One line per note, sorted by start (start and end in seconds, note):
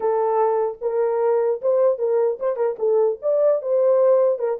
0.00 0.78 A4
0.81 1.61 A#4
1.61 1.98 C5
1.98 2.38 A#4
2.39 2.56 C5
2.56 2.76 A#4
2.78 3.18 A4
3.21 3.61 D5
3.61 4.38 C5
4.38 4.58 A#4